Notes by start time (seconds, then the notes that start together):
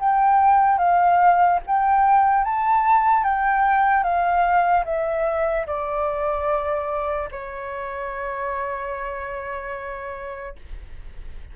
0.00 G5
0.79 F5
1.67 G5
2.44 A5
3.24 G5
4.04 F5
4.85 E5
5.67 D5
7.32 C#5